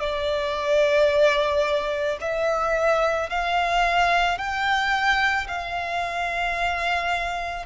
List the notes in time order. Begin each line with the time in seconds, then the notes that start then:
0.00 D5
2.21 E5
3.29 F5
4.38 G5
5.47 F5